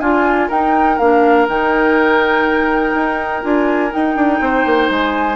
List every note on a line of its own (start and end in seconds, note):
0.00 0.49 D4
0.00 0.48 F4
0.00 0.51 F4
0.00 0.49 G#5
0.48 0.99 D#4
0.48 1.00 D#4
0.48 4.39 A#4
0.48 0.98 G5
0.98 1.48 A#3
0.98 1.49 D4
0.98 1.47 F5
1.48 2.94 D#3
1.48 3.42 D#4
1.48 3.44 G5
2.94 3.43 D#4
3.42 3.93 D4
3.42 3.90 F4
3.42 3.93 G#5
3.90 5.36 D#4
3.90 4.16 D#4
3.90 4.91 G5
4.16 4.40 D4
4.40 4.65 C4
4.40 5.36 C5
4.66 4.90 A#3
4.90 5.36 G#3
4.90 5.36 G#5